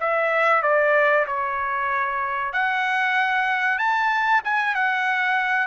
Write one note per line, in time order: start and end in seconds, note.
0.00 0.63 E5
0.63 1.26 D5
1.27 2.53 C#5
2.53 3.78 F#5
3.78 4.42 A5
4.45 4.75 G#5
4.75 5.67 F#5